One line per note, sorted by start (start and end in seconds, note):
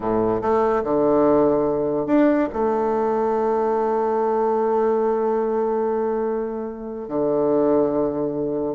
0.00 0.41 A2
0.41 0.83 A3
0.83 2.06 D3
2.06 2.48 D4
2.52 7.08 A3
7.08 8.75 D3